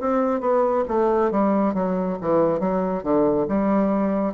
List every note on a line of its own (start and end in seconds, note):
0.00 0.40 C4
0.40 0.84 B3
0.88 1.31 A3
1.31 1.74 G3
1.74 2.17 F#3
2.21 2.60 E3
2.60 3.03 F#3
3.03 3.47 D3
3.48 4.34 G3